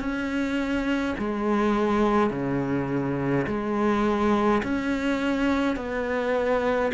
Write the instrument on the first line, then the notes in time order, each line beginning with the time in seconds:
cello
0.00 C#4
1.19 G#3
2.31 C#3
3.47 G#3
4.64 C#4
5.76 B3